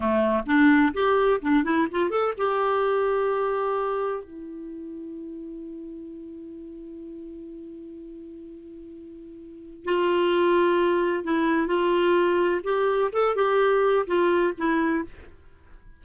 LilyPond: \new Staff \with { instrumentName = "clarinet" } { \time 4/4 \tempo 4 = 128 a4 d'4 g'4 d'8 e'8 | f'8 a'8 g'2.~ | g'4 e'2.~ | e'1~ |
e'1~ | e'4 f'2. | e'4 f'2 g'4 | a'8 g'4. f'4 e'4 | }